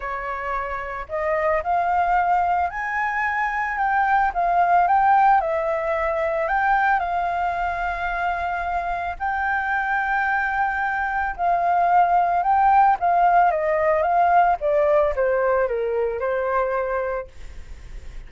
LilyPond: \new Staff \with { instrumentName = "flute" } { \time 4/4 \tempo 4 = 111 cis''2 dis''4 f''4~ | f''4 gis''2 g''4 | f''4 g''4 e''2 | g''4 f''2.~ |
f''4 g''2.~ | g''4 f''2 g''4 | f''4 dis''4 f''4 d''4 | c''4 ais'4 c''2 | }